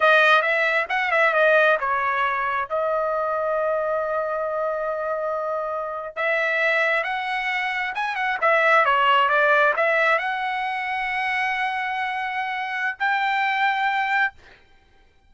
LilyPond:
\new Staff \with { instrumentName = "trumpet" } { \time 4/4 \tempo 4 = 134 dis''4 e''4 fis''8 e''8 dis''4 | cis''2 dis''2~ | dis''1~ | dis''4.~ dis''16 e''2 fis''16~ |
fis''4.~ fis''16 gis''8 fis''8 e''4 cis''16~ | cis''8. d''4 e''4 fis''4~ fis''16~ | fis''1~ | fis''4 g''2. | }